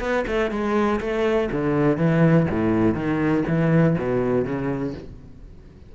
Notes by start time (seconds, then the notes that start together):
0.00 B3
0.27 A3
0.51 G#3
1.00 A3
1.52 D3
1.97 E3
2.50 A2
2.94 D#3
3.48 E3
3.98 B2
4.45 C#3